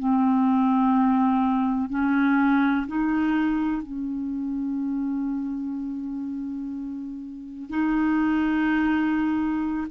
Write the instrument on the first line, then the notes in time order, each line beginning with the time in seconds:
clarinet
0.00 C4
1.90 C#4
2.88 D#4
3.83 C#4
7.70 D#4